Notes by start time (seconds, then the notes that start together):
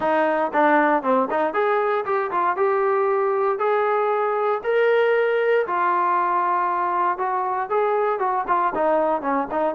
0.00 D#4
0.53 D4
1.02 C4
1.30 D#4
1.53 G#4
2.05 G4
2.31 F4
2.56 G4
3.58 G#4
4.63 A#4
5.66 F4
7.18 F#4
7.69 G#4
8.19 F#4
8.47 F4
8.75 D#4
9.21 C#4
9.51 D#4